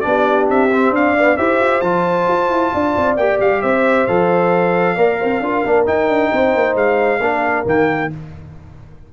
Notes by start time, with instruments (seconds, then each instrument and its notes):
0.00 tuba B3, trombone D4, trumpet D5
0.06 horn G4
0.49 tuba C4, trumpet E5
0.72 trombone C4
0.90 tuba D4, horn D5, trumpet F5
1.18 trombone B3
1.36 tuba E4, trombone G4, horn C5, trumpet E5
1.60 tuba F4
1.81 tuba F3, trombone F4, trumpet A5
2.27 tuba F4
2.49 tuba E4
2.74 tuba D4, horn D5
2.96 tuba C4
3.16 tuba A#3, trombone G4, trumpet G5
3.40 tuba G3, trumpet F5
3.62 tuba C4, horn C5, trumpet E5
4.06 tuba F3, trombone A4, trumpet F5
4.95 tuba A#3, trombone A#4, horn D5
5.19 tuba C4, horn C5
5.40 tuba D4, trombone F4, horn A#4
5.64 tuba A#3, trombone D4
5.85 trombone D#4, tuba D#4, trumpet G5
6.07 tuba D4
6.31 tuba C4, horn C5
6.54 tuba A#3
6.75 tuba G#3, trumpet F5
7.19 tuba A#3, trombone D4, horn A#4
7.65 tuba D#3, trombone A#3, trumpet G5